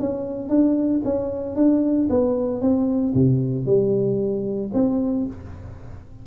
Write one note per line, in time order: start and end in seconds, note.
0.00 0.50 C#4
0.50 1.02 D4
1.05 1.56 C#4
1.56 2.09 D4
2.10 2.62 B3
2.62 3.14 C4
3.15 3.66 C3
3.66 4.71 G3
4.74 5.27 C4